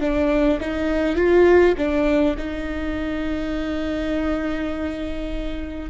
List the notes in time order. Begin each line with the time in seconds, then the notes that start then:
0.00 D4
0.60 D#4
1.16 F4
1.77 D4
2.37 D#4